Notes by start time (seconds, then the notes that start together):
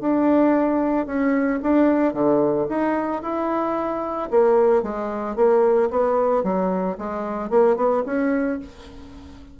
0.00 D4
1.06 C#4
1.62 D4
2.13 D3
2.69 D#4
3.22 E4
4.30 A#3
4.82 G#3
5.36 A#3
5.90 B3
6.43 F#3
6.98 G#3
7.50 A#3
7.76 B3
8.05 C#4